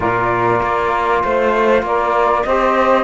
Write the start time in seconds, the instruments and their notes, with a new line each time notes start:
0.00 cello A#2, trombone F4, saxophone A#4, flute D5
0.62 cello A#3
1.23 cello A3, saxophone C5, flute C5
1.82 cello A#3, saxophone A#4, flute D5
2.43 cello C4, trombone G4, saxophone C5, flute D#5